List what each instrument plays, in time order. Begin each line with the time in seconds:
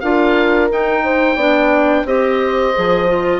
0.00 bassoon D4, clarinet F4, horn A#4, oboe F5
0.70 clarinet D#4, bassoon D#4, oboe G5
1.04 horn C5
1.36 bassoon B3, clarinet D4, horn D5
2.05 bassoon C4, clarinet G4, horn C5, oboe D#5
2.75 bassoon F3, clarinet G#4
3.08 clarinet F4